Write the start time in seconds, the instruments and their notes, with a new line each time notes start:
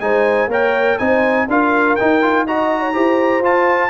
0.00 tuba G#3, trombone D#4, horn C5, trumpet G#5
0.47 tuba A#3, trombone A#4, horn C#5, trumpet G5
0.98 tuba C4, trombone D#4, horn C5, trumpet G#5
1.48 tuba D4, trombone F4, horn A#4, trumpet F5
1.96 trombone D#4, tuba D#4, trumpet G5
2.22 trombone F4
2.47 trombone F#4, horn D#5, trumpet A#5
2.80 horn C#5
2.93 tuba E4, trombone G4, horn C5
3.40 tuba F4, trombone F4, trumpet A5